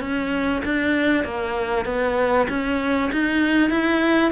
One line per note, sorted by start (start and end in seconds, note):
0.00 0.62 C#4
0.64 1.24 D4
1.24 1.85 A#3
1.85 2.47 B3
2.49 3.11 C#4
3.12 3.70 D#4
3.70 4.31 E4